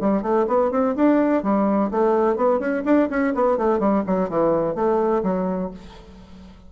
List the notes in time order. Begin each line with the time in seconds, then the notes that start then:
0.00 G3
0.22 A3
0.47 B3
0.71 C4
0.95 D4
1.42 G3
1.90 A3
2.36 B3
2.59 C#4
2.85 D4
3.09 C#4
3.34 B3
3.57 A3
3.79 G3
4.06 F#3
4.29 E3
4.75 A3
5.23 F#3